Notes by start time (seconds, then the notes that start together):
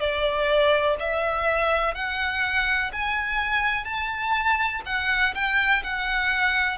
0.00 D5
1.00 E5
1.95 F#5
2.93 G#5
3.85 A5
4.86 F#5
5.35 G5
5.84 F#5